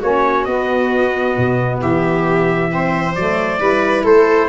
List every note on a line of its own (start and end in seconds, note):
0.00 0.47 A#3
0.00 0.48 C#4
0.00 1.79 F#4
0.00 0.45 C#5
0.45 1.36 B3
0.45 2.70 B3
0.45 1.79 D#5
1.37 1.82 B2
1.81 3.16 E3
1.81 2.71 G4
1.81 3.15 E5
2.70 3.14 C4
2.70 3.61 C5
3.15 3.61 F#3
3.15 3.60 A3
3.15 4.05 D5
3.60 4.05 G3
3.60 4.49 E4
3.60 4.04 B4
4.04 4.49 A3
4.04 4.49 A4
4.04 4.49 C5